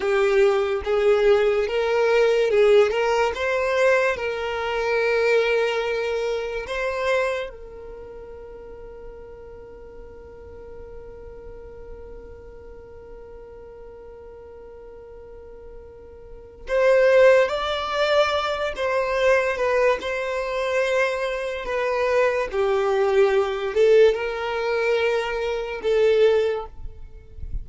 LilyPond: \new Staff \with { instrumentName = "violin" } { \time 4/4 \tempo 4 = 72 g'4 gis'4 ais'4 gis'8 ais'8 | c''4 ais'2. | c''4 ais'2.~ | ais'1~ |
ais'1 | c''4 d''4. c''4 b'8 | c''2 b'4 g'4~ | g'8 a'8 ais'2 a'4 | }